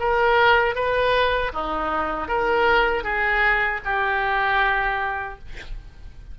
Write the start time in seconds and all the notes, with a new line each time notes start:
0.00 A#4
0.76 B4
1.53 D#4
2.29 A#4
3.04 G#4
3.85 G4